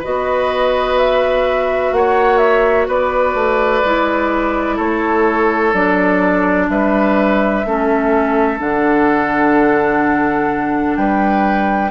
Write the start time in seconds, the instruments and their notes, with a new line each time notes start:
0.00 bassoon B3, clarinet F#4, oboe B4, flute D#5
0.98 flute E5
1.93 bassoon A#3, oboe C#5, flute F#5
2.38 flute E5
2.88 bassoon B3, oboe B4, flute D5
3.35 bassoon A3
3.84 bassoon G#3, clarinet E4
4.77 bassoon A3, oboe A4, flute C#5
5.74 bassoon F#3, clarinet D4, flute D5
6.70 bassoon G3, oboe B4, flute E5
7.65 bassoon A3, clarinet C#4, oboe A4
8.58 bassoon D3, clarinet D4, flute F#5
10.97 bassoon G3, oboe B4, flute G5